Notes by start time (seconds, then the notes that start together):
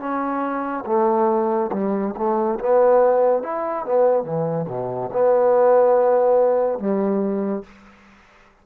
0.00 C#4
0.86 A3
1.73 G3
2.17 A3
2.60 B3
3.43 E4
3.85 B3
4.23 E3
4.68 B2
5.13 B3
6.79 G3